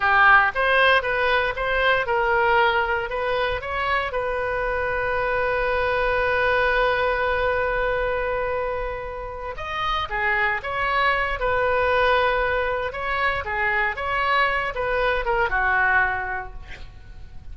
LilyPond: \new Staff \with { instrumentName = "oboe" } { \time 4/4 \tempo 4 = 116 g'4 c''4 b'4 c''4 | ais'2 b'4 cis''4 | b'1~ | b'1~ |
b'2~ b'8 dis''4 gis'8~ | gis'8 cis''4. b'2~ | b'4 cis''4 gis'4 cis''4~ | cis''8 b'4 ais'8 fis'2 | }